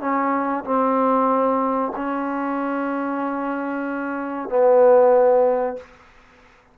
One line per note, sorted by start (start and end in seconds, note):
0.00 0.64 C#4
0.64 1.92 C4
1.95 4.49 C#4
4.49 5.77 B3